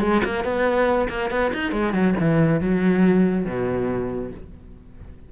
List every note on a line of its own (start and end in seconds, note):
0.00 0.21 G#3
0.24 0.44 A#3
0.44 1.08 B3
1.09 1.30 A#3
1.30 1.51 B3
1.53 1.72 D#4
1.72 1.93 G#3
1.93 2.14 F#3
2.20 2.60 E3
2.60 3.45 F#3
3.45 4.31 B2